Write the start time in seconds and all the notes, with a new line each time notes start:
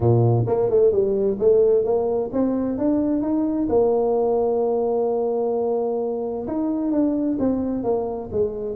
0.00 A#2
0.47 A#3
0.69 A3
0.91 G3
1.39 A3
1.84 A#3
2.32 C4
2.78 D4
3.22 D#4
3.69 A#3
6.47 D#4
6.91 D4
7.39 C4
7.83 A#3
8.32 G#3